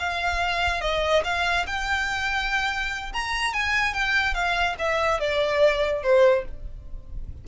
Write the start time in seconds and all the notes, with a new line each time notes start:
0.00 F5
0.82 D#5
1.25 F5
1.67 G5
3.13 A#5
3.54 G#5
3.94 G5
4.35 F5
4.79 E5
5.20 D5
6.04 C5